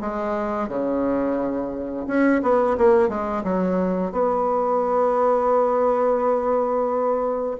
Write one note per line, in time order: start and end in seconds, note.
0.00 0.68 G#3
0.68 2.06 C#3
2.07 2.41 C#4
2.42 2.76 B3
2.77 3.08 A#3
3.08 3.43 G#3
3.43 4.12 F#3
4.12 7.57 B3